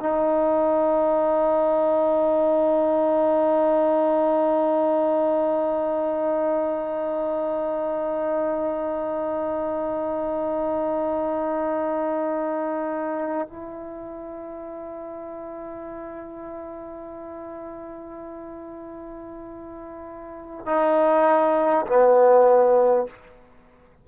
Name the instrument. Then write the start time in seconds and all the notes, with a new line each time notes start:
trombone
0.00 D#4
13.48 E4
20.66 D#4
21.86 B3